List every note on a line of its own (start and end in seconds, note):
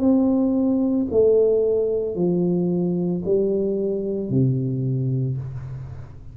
0.00 1.07 C4
1.12 2.16 A3
2.16 3.23 F3
3.25 4.30 G3
4.30 5.37 C3